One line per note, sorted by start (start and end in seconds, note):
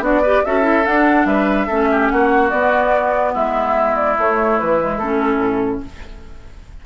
0.00 0.41 B3
0.00 0.22 D4
0.00 0.22 F#4
0.00 0.45 D5
0.22 0.46 G4
0.22 0.43 B4
0.45 0.87 C#4
0.45 0.62 F#4
0.45 1.27 A4
0.45 0.86 E5
0.62 0.83 E4
0.86 1.26 D4
0.86 1.70 D4
0.86 1.26 F#5
1.26 1.67 G3
1.26 1.67 B4
1.26 2.09 E5
1.67 2.12 A3
1.67 2.52 C#4
1.67 1.88 A4
1.92 2.12 G4
2.09 2.52 A#3
2.09 3.33 F#4
2.09 2.50 F#5
2.50 4.17 B3
2.50 3.35 B3
2.50 3.33 D5
3.33 4.18 G#3
3.33 5.82 E4
3.33 3.95 E5
3.95 4.16 D5
4.18 4.59 A3
4.18 4.80 A3
4.18 4.59 C#5
4.59 4.98 E3
4.59 4.98 B4
4.80 5.01 G#3
4.98 5.38 A3
4.98 5.86 C#4
4.98 5.81 A4
5.38 5.80 A2